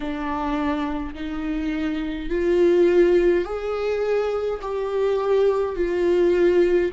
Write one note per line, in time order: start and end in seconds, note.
0.00 1.13 D4
1.14 2.29 D#4
2.29 3.44 F4
3.44 4.59 G#4
4.62 5.75 G4
5.75 6.91 F4